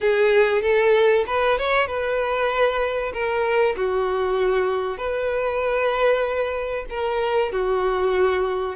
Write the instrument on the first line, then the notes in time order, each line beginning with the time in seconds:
violin
0.00 G#4
0.62 A4
1.27 B4
1.58 C#5
1.87 B4
3.13 A#4
3.76 F#4
4.97 B4
6.89 A#4
7.51 F#4